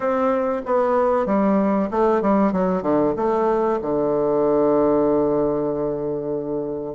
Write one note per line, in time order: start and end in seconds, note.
0.00 0.61 C4
0.65 1.25 B3
1.25 1.89 G3
1.90 2.21 A3
2.21 2.52 G3
2.52 2.82 F#3
2.82 3.13 D3
3.16 3.79 A3
3.81 6.95 D3